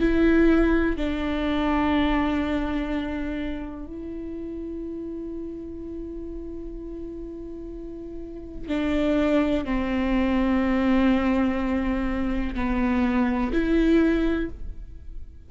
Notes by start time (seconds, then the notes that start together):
0.00 E4
0.97 D4
3.87 E4
8.68 D4
9.65 C4
12.55 B3
13.53 E4